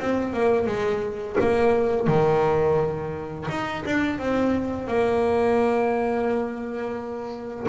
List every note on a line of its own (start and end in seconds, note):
0.00 0.33 C4
0.33 0.66 A#3
0.66 1.36 G#3
1.40 2.07 A#3
2.07 3.47 D#3
3.49 3.84 D#4
3.86 4.19 D4
4.19 4.87 C4
4.87 7.66 A#3